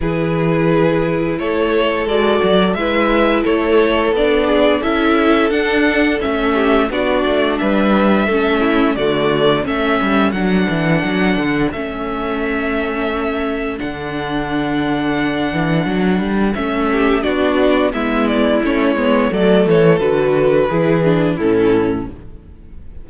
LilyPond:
<<
  \new Staff \with { instrumentName = "violin" } { \time 4/4 \tempo 4 = 87 b'2 cis''4 d''4 | e''4 cis''4 d''4 e''4 | fis''4 e''4 d''4 e''4~ | e''4 d''4 e''4 fis''4~ |
fis''4 e''2. | fis''1 | e''4 d''4 e''8 d''8 cis''4 | d''8 cis''8 b'2 a'4 | }
  \new Staff \with { instrumentName = "violin" } { \time 4/4 gis'2 a'2 | b'4 a'4. gis'8 a'4~ | a'4. g'8 fis'4 b'4 | a'8 e'8 fis'4 a'2~ |
a'1~ | a'1~ | a'8 g'8 fis'4 e'2 | a'2 gis'4 e'4 | }
  \new Staff \with { instrumentName = "viola" } { \time 4/4 e'2. fis'4 | e'2 d'4 e'4 | d'4 cis'4 d'2 | cis'4 a4 cis'4 d'4~ |
d'4 cis'2. | d'1 | cis'4 d'4 b4 cis'8 b8 | a4 fis'4 e'8 d'8 cis'4 | }
  \new Staff \with { instrumentName = "cello" } { \time 4/4 e2 a4 gis8 fis8 | gis4 a4 b4 cis'4 | d'4 a4 b8 a8 g4 | a4 d4 a8 g8 fis8 e8 |
fis8 d8 a2. | d2~ d8 e8 fis8 g8 | a4 b4 gis4 a8 gis8 | fis8 e8 d4 e4 a,4 | }
>>